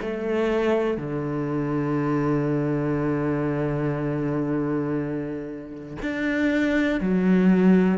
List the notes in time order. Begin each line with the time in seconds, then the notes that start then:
0.00 A3
0.97 D3
6.01 D4
7.00 F#3